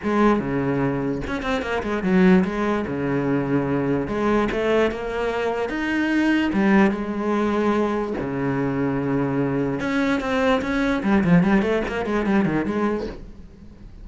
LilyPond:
\new Staff \with { instrumentName = "cello" } { \time 4/4 \tempo 4 = 147 gis4 cis2 cis'8 c'8 | ais8 gis8 fis4 gis4 cis4~ | cis2 gis4 a4 | ais2 dis'2 |
g4 gis2. | cis1 | cis'4 c'4 cis'4 g8 f8 | g8 a8 ais8 gis8 g8 dis8 gis4 | }